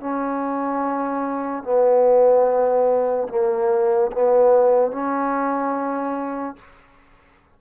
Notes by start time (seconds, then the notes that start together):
0.00 C#4
1.63 B3
3.29 A#3
4.12 B3
4.92 C#4